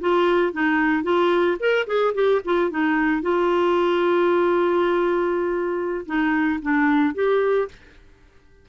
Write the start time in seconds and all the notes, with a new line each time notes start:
0.00 F4
0.52 D#4
1.03 F4
1.59 A#4
1.87 G#4
2.14 G4
2.45 F4
2.70 D#4
3.22 F4
6.06 D#4
6.61 D4
7.14 G4